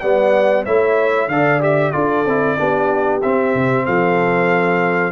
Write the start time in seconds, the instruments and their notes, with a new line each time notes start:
0.00 tuba G3, trombone B3, horn D5, trumpet F#5
0.65 tuba A3, trombone E4, horn C#5, trumpet E5
1.27 tuba D3, trombone A4, horn D5, trumpet F5
1.60 trombone G4, trumpet E5
1.91 tuba D4, trombone F4, horn A4, trumpet D5
2.25 tuba C4, trombone E4
2.57 tuba B3, trombone D4, horn G4
3.22 trombone C4, tuba C4, trumpet E5
3.54 tuba C3
3.85 tuba F3, horn A4, trumpet F5